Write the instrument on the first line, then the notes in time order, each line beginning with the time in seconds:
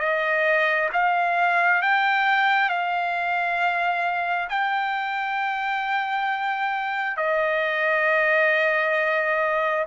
trumpet
0.00 D#5
0.93 F5
1.82 G5
2.69 F5
4.50 G5
7.17 D#5